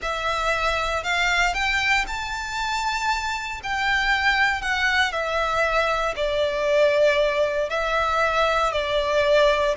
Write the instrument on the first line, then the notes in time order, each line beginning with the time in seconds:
violin
0.02 E5
1.03 F5
1.54 G5
2.07 A5
3.63 G5
4.61 F#5
5.11 E5
6.15 D5
7.69 E5
8.72 D5